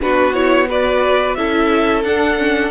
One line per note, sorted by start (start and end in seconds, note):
0.01 1.37 B3
0.01 0.34 D4
0.01 0.68 F#4
0.01 0.33 B4
0.33 0.68 E4
0.33 0.67 C#5
0.68 1.37 F#4
0.68 1.37 B4
0.68 1.34 D5
1.34 2.04 C#4
1.34 2.04 E4
1.34 2.71 A4
1.34 2.02 E5
2.04 2.37 D4
2.04 2.71 D4
2.04 2.71 F#5
2.37 2.71 C#4